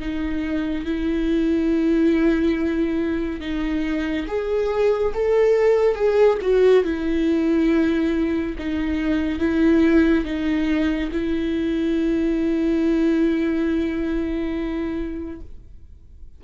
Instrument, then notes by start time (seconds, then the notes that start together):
viola
0.00 D#4
0.85 E4
3.41 D#4
4.28 G#4
5.15 A4
5.96 G#4
6.42 F#4
6.85 E4
8.59 D#4
9.40 E4
10.25 D#4
11.13 E4